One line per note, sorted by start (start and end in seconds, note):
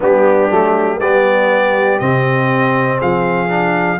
0.00 0.50 G3
0.00 0.50 B3
0.00 0.99 D4
0.00 1.00 G4
0.50 0.99 F#3
0.50 1.00 A3
0.99 1.99 G3
0.99 2.00 B3
0.99 2.98 G4
0.99 1.99 D5
1.99 3.00 C3
1.99 3.48 C4
1.99 2.99 D#5
2.98 3.99 F3
2.98 3.98 G#4
2.98 3.99 F5
3.48 3.98 D4